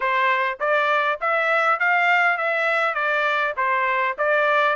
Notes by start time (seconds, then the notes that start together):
0.00 C5
0.60 D5
1.20 E5
1.79 F5
2.37 E5
2.94 D5
3.56 C5
4.17 D5